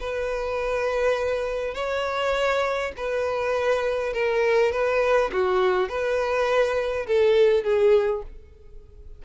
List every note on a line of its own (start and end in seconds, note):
0.00 1.75 B4
1.75 2.92 C#5
2.97 4.13 B4
4.13 4.72 A#4
4.72 5.31 B4
5.33 5.89 F#4
5.89 7.06 B4
7.07 7.64 A4
7.64 8.22 G#4